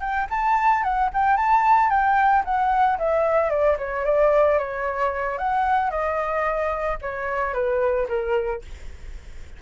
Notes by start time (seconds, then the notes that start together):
0.00 G5
0.29 A5
0.83 F#5
1.13 G5
1.37 A5
1.89 G5
2.44 F#5
2.98 E5
3.50 D5
3.78 C#5
4.04 D5
4.58 C#5
5.38 F#5
5.90 D#5
7.01 C#5
7.53 B4
8.08 A#4